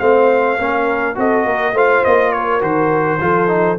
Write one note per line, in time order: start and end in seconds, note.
0.00 0.59 A3
0.00 0.58 C4
0.00 0.60 C5
0.00 1.17 F5
0.59 1.18 A#3
0.59 1.15 C#4
0.59 1.18 A#4
1.15 1.46 C4
1.15 1.73 F#4
1.15 1.47 A4
1.15 1.78 D#5
1.46 1.74 A#3
1.46 1.75 A#4
1.74 2.03 A3
1.74 2.61 F4
1.74 2.33 C5
1.74 2.05 F5
2.05 2.62 A#3
2.05 2.33 D#5
2.33 3.22 A#4
2.33 2.62 C#5
2.61 3.20 D#3
2.61 3.19 F#4
2.61 3.79 C5
3.21 3.79 F3
3.21 3.48 F4
3.21 3.79 A4
3.48 3.77 D#4